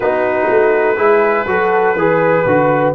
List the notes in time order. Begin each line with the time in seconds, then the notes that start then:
0.00 B3 D#4 F#4 B4
0.49 A3
0.96 G#3 E4 G#4
1.46 F#3 F#4 A4
1.95 E3 G#4 B4
2.45 D3 F#4